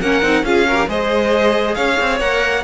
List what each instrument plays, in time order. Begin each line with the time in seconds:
0.00 cello A#3, viola C#4, violin A#4 F#5
0.22 cello C4, viola D#4
0.43 cello C#4, viola F4, violin G#4 F5
0.67 viola F#4, violin A#4
0.75 viola G4
0.88 cello G#3, viola G#4, violin C5 D#5
1.75 cello C#4, violin C#5 F5
2.00 cello C4
2.20 cello A#3, viola A#4, violin F#5